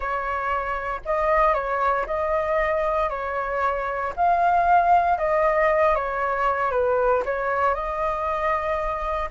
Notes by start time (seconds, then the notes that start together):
0.00 C#5
1.05 D#5
1.54 C#5
2.06 D#5
3.09 C#5
4.15 F5
5.17 D#5
5.95 C#5
6.71 B4
7.25 C#5
7.74 D#5